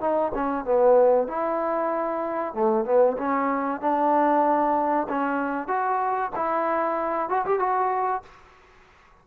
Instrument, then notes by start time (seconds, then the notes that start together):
trombone
0.00 D#4
0.34 C#4
0.64 B3
1.27 E4
2.53 A3
2.85 B3
3.18 C#4
3.80 D4
5.08 C#4
5.67 F#4
6.35 E4
7.29 F#4
7.45 G4
7.59 F#4